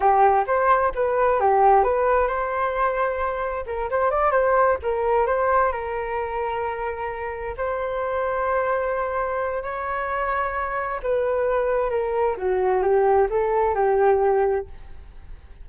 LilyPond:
\new Staff \with { instrumentName = "flute" } { \time 4/4 \tempo 4 = 131 g'4 c''4 b'4 g'4 | b'4 c''2. | ais'8 c''8 d''8 c''4 ais'4 c''8~ | c''8 ais'2.~ ais'8~ |
ais'8 c''2.~ c''8~ | c''4 cis''2. | b'2 ais'4 fis'4 | g'4 a'4 g'2 | }